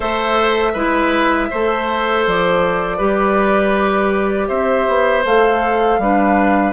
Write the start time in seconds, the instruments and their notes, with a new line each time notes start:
0.00 bassoon A3, clarinet A4, oboe C5, flute E5
0.73 bassoon G#3, clarinet E4, oboe B4
1.50 bassoon A3, clarinet A4, oboe C5
2.26 bassoon F3, flute D5
2.97 bassoon G3, clarinet G4, oboe B4
4.48 bassoon C4, oboe C5, flute E5
4.88 bassoon B3
5.24 bassoon A3, clarinet A4, flute F5
5.98 bassoon G3, clarinet D4, oboe B4